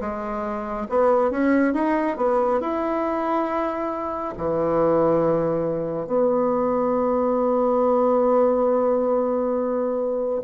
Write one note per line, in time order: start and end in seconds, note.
0.00 0.87 G#3
0.89 1.30 B3
1.30 1.74 C#4
1.74 2.17 D#4
2.17 2.60 B3
2.60 4.34 E4
4.37 6.07 E3
6.07 10.42 B3